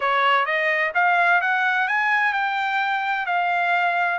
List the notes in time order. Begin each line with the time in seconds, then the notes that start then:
0.00 C#5
0.45 D#5
0.94 F5
1.41 F#5
1.88 G#5
2.33 G5
3.26 F5